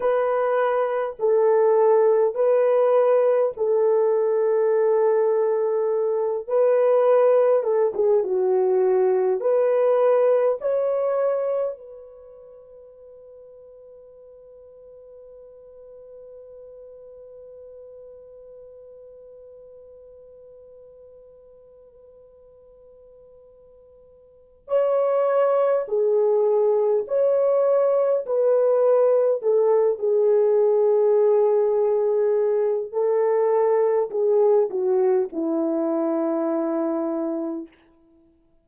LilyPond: \new Staff \with { instrumentName = "horn" } { \time 4/4 \tempo 4 = 51 b'4 a'4 b'4 a'4~ | a'4. b'4 a'16 gis'16 fis'4 | b'4 cis''4 b'2~ | b'1~ |
b'1~ | b'4 cis''4 gis'4 cis''4 | b'4 a'8 gis'2~ gis'8 | a'4 gis'8 fis'8 e'2 | }